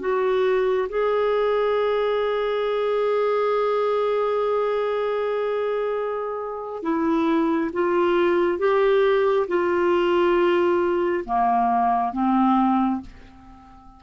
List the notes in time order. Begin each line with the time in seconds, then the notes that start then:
0.00 F#4
0.89 G#4
6.83 E4
7.73 F4
8.59 G4
9.48 F4
11.25 A#3
12.13 C4